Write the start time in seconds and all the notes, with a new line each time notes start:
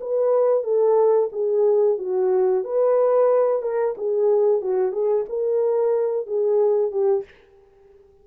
0.00 B4
0.63 A4
1.32 G#4
1.98 F#4
2.64 B4
3.62 A#4
3.97 G#4
4.61 F#4
4.92 G#4
5.29 A#4
6.26 G#4
6.91 G4